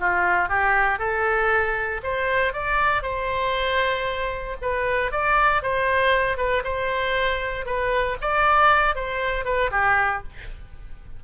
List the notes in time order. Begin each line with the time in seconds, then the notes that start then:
0.00 F4
0.49 G4
0.99 A4
2.03 C5
2.53 D5
3.03 C5
4.62 B4
5.12 D5
5.63 C5
6.38 B4
6.65 C5
7.66 B4
8.21 D5
8.96 C5
9.45 B4
9.72 G4